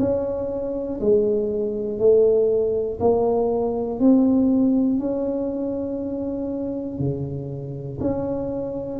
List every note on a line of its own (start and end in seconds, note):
0.00 1.00 C#4
1.00 1.99 G#3
1.99 2.99 A3
3.00 4.00 A#3
4.00 4.99 C4
4.99 6.99 C#4
6.99 7.99 C#3
8.00 9.00 C#4